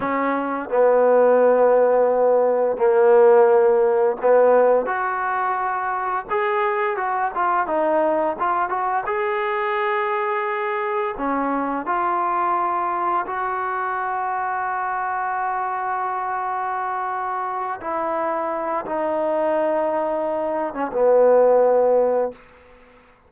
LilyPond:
\new Staff \with { instrumentName = "trombone" } { \time 4/4 \tempo 4 = 86 cis'4 b2. | ais2 b4 fis'4~ | fis'4 gis'4 fis'8 f'8 dis'4 | f'8 fis'8 gis'2. |
cis'4 f'2 fis'4~ | fis'1~ | fis'4. e'4. dis'4~ | dis'4.~ dis'16 cis'16 b2 | }